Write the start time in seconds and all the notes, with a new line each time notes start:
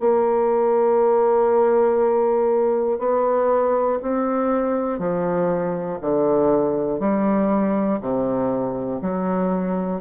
0.00 A#3
2.99 B3
4.02 C4
4.99 F3
6.01 D3
7.00 G3
8.01 C3
9.01 F#3